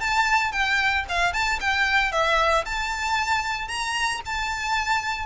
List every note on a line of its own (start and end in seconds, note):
0.00 0.52 A5
0.52 1.05 G5
1.09 1.33 F5
1.33 1.59 A5
1.60 2.12 G5
2.12 2.65 E5
2.65 3.68 A5
3.68 4.21 A#5
4.26 5.26 A5